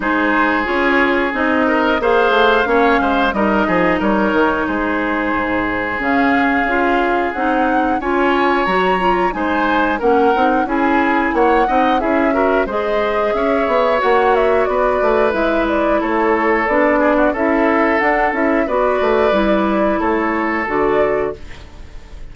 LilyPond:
<<
  \new Staff \with { instrumentName = "flute" } { \time 4/4 \tempo 4 = 90 c''4 cis''4 dis''4 f''4~ | f''4 dis''4 cis''4 c''4~ | c''4 f''2 fis''4 | gis''4 ais''4 gis''4 fis''4 |
gis''4 fis''4 e''4 dis''4 | e''4 fis''8 e''8 d''4 e''8 d''8 | cis''4 d''4 e''4 fis''8 e''8 | d''2 cis''4 d''4 | }
  \new Staff \with { instrumentName = "oboe" } { \time 4/4 gis'2~ gis'8 ais'8 c''4 | cis''8 c''8 ais'8 gis'8 ais'4 gis'4~ | gis'1 | cis''2 c''4 ais'4 |
gis'4 cis''8 dis''8 gis'8 ais'8 c''4 | cis''2 b'2 | a'4. gis'16 fis'16 a'2 | b'2 a'2 | }
  \new Staff \with { instrumentName = "clarinet" } { \time 4/4 dis'4 f'4 dis'4 gis'4 | cis'4 dis'2.~ | dis'4 cis'4 f'4 dis'4 | f'4 fis'8 f'8 dis'4 cis'8 dis'8 |
e'4. dis'8 e'8 fis'8 gis'4~ | gis'4 fis'2 e'4~ | e'4 d'4 e'4 d'8 e'8 | fis'4 e'2 fis'4 | }
  \new Staff \with { instrumentName = "bassoon" } { \time 4/4 gis4 cis'4 c'4 ais8 a8 | ais8 gis8 g8 f8 g8 dis8 gis4 | gis,4 cis4 cis'4 c'4 | cis'4 fis4 gis4 ais8 c'8 |
cis'4 ais8 c'8 cis'4 gis4 | cis'8 b8 ais4 b8 a8 gis4 | a4 b4 cis'4 d'8 cis'8 | b8 a8 g4 a4 d4 | }
>>